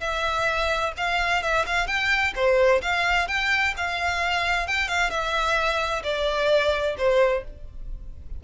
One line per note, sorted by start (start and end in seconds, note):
0.00 0.92 E5
0.97 1.42 F5
1.42 1.66 E5
1.66 1.87 F5
1.87 2.33 G5
2.35 2.82 C5
2.82 3.28 F5
3.28 3.74 G5
3.77 4.67 F5
4.67 4.88 G5
4.88 5.10 F5
5.10 6.03 E5
6.03 6.96 D5
6.98 7.44 C5